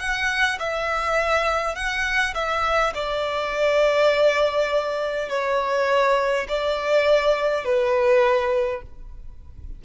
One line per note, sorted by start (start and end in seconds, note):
0.00 0.59 F#5
0.60 1.75 E5
1.75 2.34 F#5
2.35 2.94 E5
2.95 5.29 D5
5.29 6.47 C#5
6.49 7.65 D5
7.65 8.82 B4